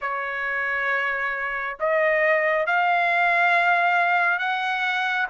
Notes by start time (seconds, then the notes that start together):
0.01 C#5
1.79 D#5
2.66 F5
4.38 F#5